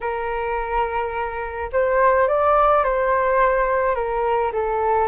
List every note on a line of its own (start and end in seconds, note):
0.00 1.70 A#4
1.72 2.27 C5
2.27 2.84 D5
2.84 3.95 C5
3.95 4.52 A#4
4.52 5.08 A4